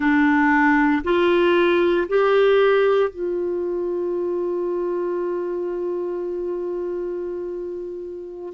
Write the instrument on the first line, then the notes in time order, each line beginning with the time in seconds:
clarinet
0.00 D4
1.03 F4
2.08 G4
3.10 F4